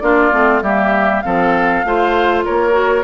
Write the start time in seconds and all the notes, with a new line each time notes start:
0.00 A#3 D4 F4 D5
0.32 A3 C4
0.62 G3 A#3 G4 E5
1.21 F3 C4 A4 F5
1.84 A3 F4 C5
2.45 A#3 A#4 C#5
2.72 F#4